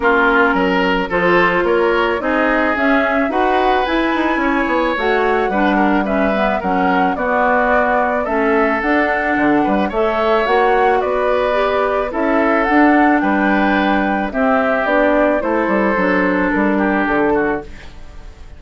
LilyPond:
<<
  \new Staff \with { instrumentName = "flute" } { \time 4/4 \tempo 4 = 109 ais'2 c''4 cis''4 | dis''4 e''4 fis''4 gis''4~ | gis''4 fis''2 e''4 | fis''4 d''2 e''4 |
fis''2 e''4 fis''4 | d''2 e''4 fis''4 | g''2 e''4 d''4 | c''2 ais'4 a'4 | }
  \new Staff \with { instrumentName = "oboe" } { \time 4/4 f'4 ais'4 a'4 ais'4 | gis'2 b'2 | cis''2 b'8 ais'8 b'4 | ais'4 fis'2 a'4~ |
a'4. b'8 cis''2 | b'2 a'2 | b'2 g'2 | a'2~ a'8 g'4 fis'8 | }
  \new Staff \with { instrumentName = "clarinet" } { \time 4/4 cis'2 f'2 | dis'4 cis'4 fis'4 e'4~ | e'4 fis'4 d'4 cis'8 b8 | cis'4 b2 cis'4 |
d'2 a'4 fis'4~ | fis'4 g'4 e'4 d'4~ | d'2 c'4 d'4 | e'4 d'2. | }
  \new Staff \with { instrumentName = "bassoon" } { \time 4/4 ais4 fis4 f4 ais4 | c'4 cis'4 dis'4 e'8 dis'8 | cis'8 b8 a4 g2 | fis4 b2 a4 |
d'4 d8 g8 a4 ais4 | b2 cis'4 d'4 | g2 c'4 b4 | a8 g8 fis4 g4 d4 | }
>>